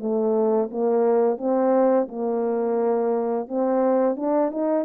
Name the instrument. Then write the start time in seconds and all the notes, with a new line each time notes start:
horn
0.00 A3
0.71 A#3
1.38 C4
2.09 A#3
3.48 C4
4.16 D4
4.52 D#4